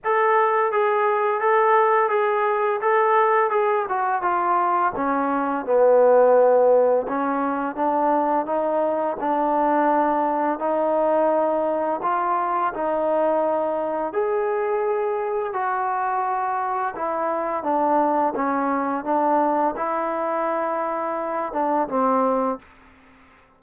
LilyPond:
\new Staff \with { instrumentName = "trombone" } { \time 4/4 \tempo 4 = 85 a'4 gis'4 a'4 gis'4 | a'4 gis'8 fis'8 f'4 cis'4 | b2 cis'4 d'4 | dis'4 d'2 dis'4~ |
dis'4 f'4 dis'2 | gis'2 fis'2 | e'4 d'4 cis'4 d'4 | e'2~ e'8 d'8 c'4 | }